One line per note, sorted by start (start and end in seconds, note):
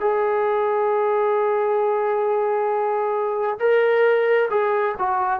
0.00 3.58 G#4
3.59 4.49 A#4
4.50 4.95 G#4
4.99 5.39 F#4